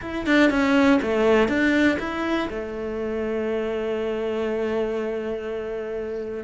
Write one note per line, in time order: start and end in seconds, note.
0.01 0.26 E4
0.26 0.50 D4
0.50 1.00 C#4
1.02 1.48 A3
1.48 1.98 D4
1.99 2.49 E4
2.49 6.44 A3